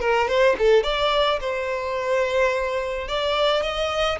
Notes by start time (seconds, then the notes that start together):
0.00 A#4
0.28 C5
0.58 A4
0.83 D5
1.40 C5
3.08 D5
3.62 D#5